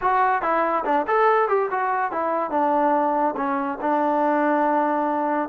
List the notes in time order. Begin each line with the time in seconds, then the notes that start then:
0.01 F#4
0.41 E4
0.85 D4
1.07 A4
1.48 G4
1.71 F#4
2.11 E4
2.50 D4
3.36 C#4
3.81 D4